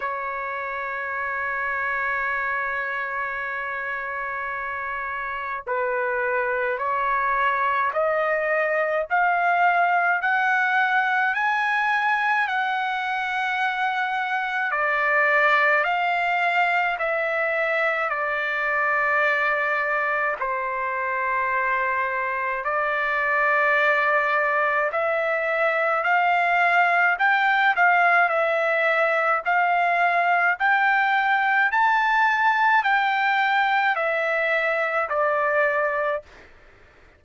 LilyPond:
\new Staff \with { instrumentName = "trumpet" } { \time 4/4 \tempo 4 = 53 cis''1~ | cis''4 b'4 cis''4 dis''4 | f''4 fis''4 gis''4 fis''4~ | fis''4 d''4 f''4 e''4 |
d''2 c''2 | d''2 e''4 f''4 | g''8 f''8 e''4 f''4 g''4 | a''4 g''4 e''4 d''4 | }